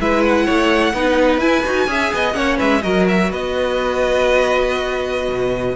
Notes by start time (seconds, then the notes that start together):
0.00 G#3 E4 B4 E5
0.24 F#5
0.46 A3 C#5
0.94 B3 D#4 B4
1.38 E4 G#5
1.66 D#4 F#4
1.88 C#4 G#4 E5
2.14 B3 D#5
2.33 A#3 C#4 C#5 F#5
2.58 G#3 B4 E5
2.83 F#3 F#4 A#4 D#5
3.09 E5
3.31 B3 B4 D#5
5.29 B2